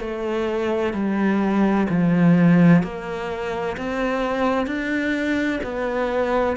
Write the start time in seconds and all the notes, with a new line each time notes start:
0.00 A3
0.93 G3
1.89 F3
2.83 A#3
3.77 C4
4.66 D4
5.63 B3